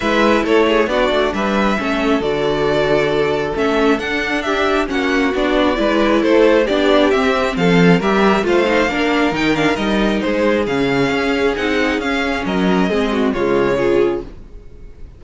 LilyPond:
<<
  \new Staff \with { instrumentName = "violin" } { \time 4/4 \tempo 4 = 135 e''4 cis''4 d''4 e''4~ | e''4 d''2. | e''4 fis''4 e''4 fis''4 | d''2 c''4 d''4 |
e''4 f''4 e''4 f''4~ | f''4 g''8 f''8 dis''4 c''4 | f''2 fis''4 f''4 | dis''2 cis''2 | }
  \new Staff \with { instrumentName = "violin" } { \time 4/4 b'4 a'8 gis'8 fis'4 b'4 | a'1~ | a'2 g'4 fis'4~ | fis'4 b'4 a'4 g'4~ |
g'4 a'4 ais'4 c''4 | ais'2. gis'4~ | gis'1 | ais'4 gis'8 fis'8 f'4 gis'4 | }
  \new Staff \with { instrumentName = "viola" } { \time 4/4 e'2 d'2 | cis'4 fis'2. | cis'4 d'2 cis'4 | d'4 e'2 d'4 |
c'2 g'4 f'8 dis'8 | d'4 dis'8 d'8 dis'2 | cis'2 dis'4 cis'4~ | cis'4 c'4 gis4 f'4 | }
  \new Staff \with { instrumentName = "cello" } { \time 4/4 gis4 a4 b8 a8 g4 | a4 d2. | a4 d'2 ais4 | b4 gis4 a4 b4 |
c'4 f4 g4 a4 | ais4 dis4 g4 gis4 | cis4 cis'4 c'4 cis'4 | fis4 gis4 cis2 | }
>>